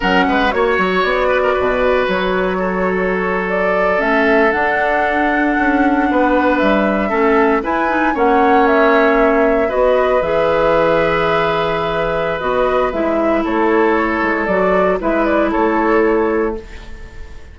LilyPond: <<
  \new Staff \with { instrumentName = "flute" } { \time 4/4 \tempo 4 = 116 fis''4 cis''4 d''2 | cis''2~ cis''8. d''4 e''16~ | e''8. fis''2.~ fis''16~ | fis''8. e''2 gis''4 fis''16~ |
fis''8. e''2 dis''4 e''16~ | e''1 | dis''4 e''4 cis''2 | d''4 e''8 d''8 cis''2 | }
  \new Staff \with { instrumentName = "oboe" } { \time 4/4 ais'8 b'8 cis''4. b'16 ais'16 b'4~ | b'4 a'2.~ | a'2.~ a'8. b'16~ | b'4.~ b'16 a'4 b'4 cis''16~ |
cis''2~ cis''8. b'4~ b'16~ | b'1~ | b'2 a'2~ | a'4 b'4 a'2 | }
  \new Staff \with { instrumentName = "clarinet" } { \time 4/4 cis'4 fis'2.~ | fis'2.~ fis'8. cis'16~ | cis'8. d'2.~ d'16~ | d'4.~ d'16 cis'4 e'8 dis'8 cis'16~ |
cis'2~ cis'8. fis'4 gis'16~ | gis'1 | fis'4 e'2. | fis'4 e'2. | }
  \new Staff \with { instrumentName = "bassoon" } { \time 4/4 fis8 gis8 ais8 fis8 b4 b,4 | fis2.~ fis8. a16~ | a8. d'2 cis'4 b16~ | b8. g4 a4 e'4 ais16~ |
ais2~ ais8. b4 e16~ | e1 | b4 gis4 a4. gis8 | fis4 gis4 a2 | }
>>